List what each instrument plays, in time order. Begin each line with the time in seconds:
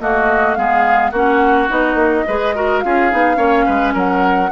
0.00 bassoon A3, clarinet A#3, oboe F#4, flute D#5
0.54 bassoon G#3, clarinet B3, oboe G#4, flute F5
1.11 bassoon A#3, clarinet C#4, oboe F#4, flute F#5
1.68 bassoon B3, clarinet D#4, flute D#5
1.94 bassoon A#3
2.27 bassoon G#3, clarinet G#4, oboe B4
2.55 clarinet F#4, oboe A#4
2.79 bassoon C#4, clarinet F4, oboe G#4, flute F5
3.11 bassoon B3, clarinet D#4
3.35 bassoon A#3, clarinet C#4, oboe C#5
3.66 bassoon G#3, oboe B4
3.93 bassoon F#3, oboe A#4, flute F#5